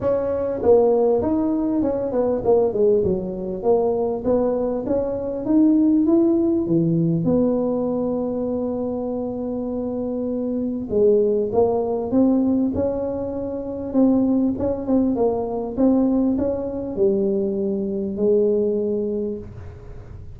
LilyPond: \new Staff \with { instrumentName = "tuba" } { \time 4/4 \tempo 4 = 99 cis'4 ais4 dis'4 cis'8 b8 | ais8 gis8 fis4 ais4 b4 | cis'4 dis'4 e'4 e4 | b1~ |
b2 gis4 ais4 | c'4 cis'2 c'4 | cis'8 c'8 ais4 c'4 cis'4 | g2 gis2 | }